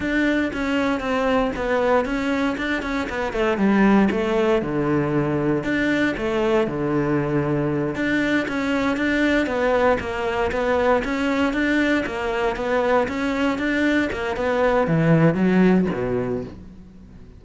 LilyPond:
\new Staff \with { instrumentName = "cello" } { \time 4/4 \tempo 4 = 117 d'4 cis'4 c'4 b4 | cis'4 d'8 cis'8 b8 a8 g4 | a4 d2 d'4 | a4 d2~ d8 d'8~ |
d'8 cis'4 d'4 b4 ais8~ | ais8 b4 cis'4 d'4 ais8~ | ais8 b4 cis'4 d'4 ais8 | b4 e4 fis4 b,4 | }